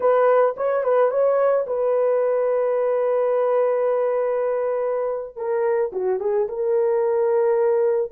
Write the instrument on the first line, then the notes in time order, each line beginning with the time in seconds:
horn
0.00 B4
0.57 C#5
0.83 B4
1.10 C#5
1.66 B4
5.36 A#4
5.92 F#4
6.20 G#4
6.48 A#4